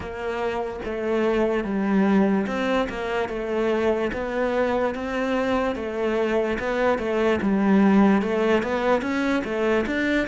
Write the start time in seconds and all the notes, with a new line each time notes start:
0.00 A#3
0.84 A3
1.64 G3
2.47 C4
2.89 A#3
3.29 A3
4.12 B3
4.94 C4
5.75 A3
6.59 B3
6.98 A3
7.41 G3
8.22 A3
8.63 B3
9.01 C#4
9.44 A3
9.86 D4